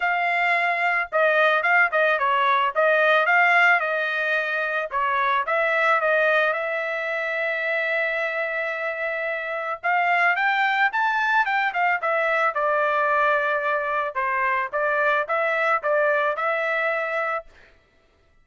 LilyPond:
\new Staff \with { instrumentName = "trumpet" } { \time 4/4 \tempo 4 = 110 f''2 dis''4 f''8 dis''8 | cis''4 dis''4 f''4 dis''4~ | dis''4 cis''4 e''4 dis''4 | e''1~ |
e''2 f''4 g''4 | a''4 g''8 f''8 e''4 d''4~ | d''2 c''4 d''4 | e''4 d''4 e''2 | }